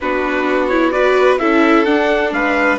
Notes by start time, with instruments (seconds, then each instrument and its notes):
0.00 bassoon B3, viola D4, violin F#4, trumpet B4
0.67 viola E4, trumpet C#5
0.91 viola F#4, violin B4, trumpet D5
1.38 bassoon C#4, viola E4, violin A4, trumpet E5
1.84 viola D4, bassoon D4, trumpet F#5
2.31 bassoon G#3, violin B4, trumpet F5